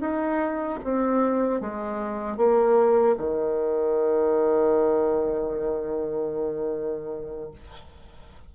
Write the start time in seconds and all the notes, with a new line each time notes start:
0.00 D#4
0.84 C4
1.60 G#3
2.37 A#3
3.18 D#3